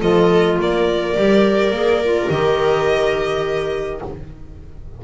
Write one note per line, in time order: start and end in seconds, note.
0.00 0.59 F3
0.00 1.15 F4
0.00 0.57 A4
0.00 0.59 D#5
0.59 1.16 A#3
0.59 4.04 A#4
0.59 2.30 D5
1.15 1.71 G3
1.15 1.72 G4
1.71 2.28 A#3
1.71 2.02 G#4
2.04 2.31 F4
2.30 4.01 D#3
2.30 4.02 G4
2.30 4.01 D#5